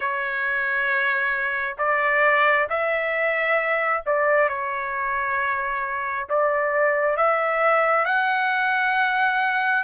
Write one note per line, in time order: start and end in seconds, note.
0.00 1.75 C#5
1.78 2.67 D5
2.69 4.03 E5
4.05 4.49 D5
4.49 6.28 C#5
6.29 7.16 D5
7.16 8.05 E5
8.05 9.83 F#5